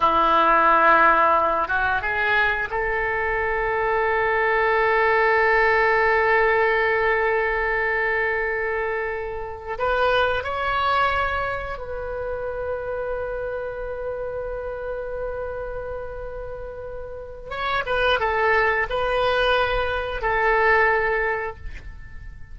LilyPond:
\new Staff \with { instrumentName = "oboe" } { \time 4/4 \tempo 4 = 89 e'2~ e'8 fis'8 gis'4 | a'1~ | a'1~ | a'2~ a'8 b'4 cis''8~ |
cis''4. b'2~ b'8~ | b'1~ | b'2 cis''8 b'8 a'4 | b'2 a'2 | }